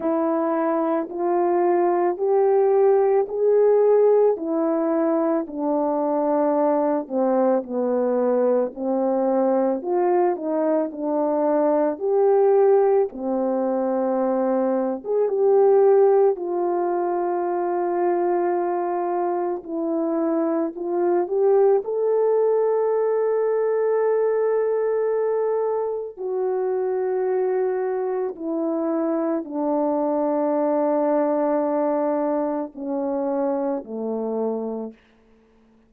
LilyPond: \new Staff \with { instrumentName = "horn" } { \time 4/4 \tempo 4 = 55 e'4 f'4 g'4 gis'4 | e'4 d'4. c'8 b4 | c'4 f'8 dis'8 d'4 g'4 | c'4.~ c'16 gis'16 g'4 f'4~ |
f'2 e'4 f'8 g'8 | a'1 | fis'2 e'4 d'4~ | d'2 cis'4 a4 | }